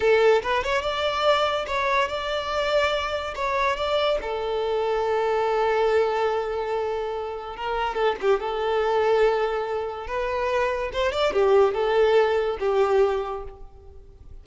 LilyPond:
\new Staff \with { instrumentName = "violin" } { \time 4/4 \tempo 4 = 143 a'4 b'8 cis''8 d''2 | cis''4 d''2. | cis''4 d''4 a'2~ | a'1~ |
a'2 ais'4 a'8 g'8 | a'1 | b'2 c''8 d''8 g'4 | a'2 g'2 | }